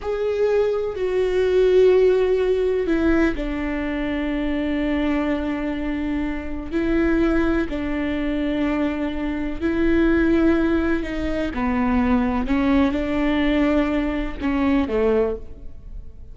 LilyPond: \new Staff \with { instrumentName = "viola" } { \time 4/4 \tempo 4 = 125 gis'2 fis'2~ | fis'2 e'4 d'4~ | d'1~ | d'2 e'2 |
d'1 | e'2. dis'4 | b2 cis'4 d'4~ | d'2 cis'4 a4 | }